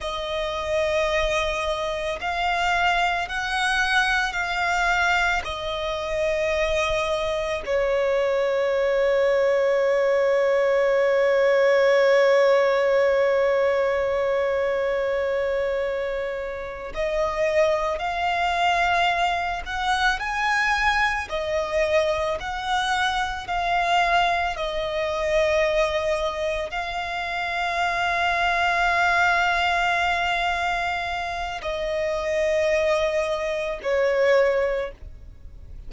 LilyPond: \new Staff \with { instrumentName = "violin" } { \time 4/4 \tempo 4 = 55 dis''2 f''4 fis''4 | f''4 dis''2 cis''4~ | cis''1~ | cis''2.~ cis''8 dis''8~ |
dis''8 f''4. fis''8 gis''4 dis''8~ | dis''8 fis''4 f''4 dis''4.~ | dis''8 f''2.~ f''8~ | f''4 dis''2 cis''4 | }